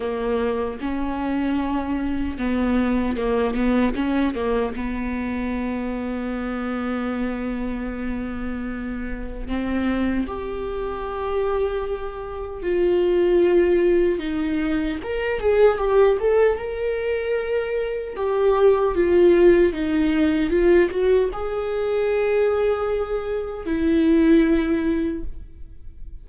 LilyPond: \new Staff \with { instrumentName = "viola" } { \time 4/4 \tempo 4 = 76 ais4 cis'2 b4 | ais8 b8 cis'8 ais8 b2~ | b1 | c'4 g'2. |
f'2 dis'4 ais'8 gis'8 | g'8 a'8 ais'2 g'4 | f'4 dis'4 f'8 fis'8 gis'4~ | gis'2 e'2 | }